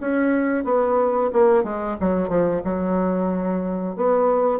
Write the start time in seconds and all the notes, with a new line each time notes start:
0.00 C#4
0.64 B3
1.32 A#3
1.63 G#3
2.00 F#3
2.29 F3
2.64 F#3
3.96 B3